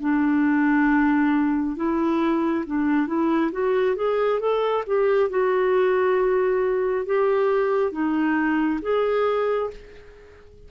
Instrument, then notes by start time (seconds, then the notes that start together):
clarinet
0.00 D4
1.76 E4
2.66 D4
3.07 E4
3.51 F#4
3.95 G#4
4.40 A4
4.86 G4
5.29 F#4
7.05 G4
7.91 D#4
8.82 G#4